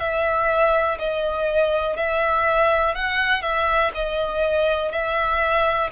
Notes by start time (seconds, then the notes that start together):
0.00 E5
0.99 D#5
1.97 E5
2.95 F#5
3.42 E5
3.95 D#5
4.92 E5